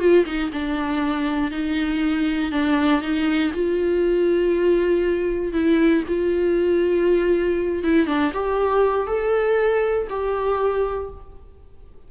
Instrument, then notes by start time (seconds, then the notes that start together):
viola
0.00 F4
0.26 D#4
0.53 D4
1.51 D#4
2.52 D4
3.02 D#4
3.54 F4
5.53 E4
6.08 F4
7.84 E4
8.07 D4
8.34 G4
9.07 A4
10.10 G4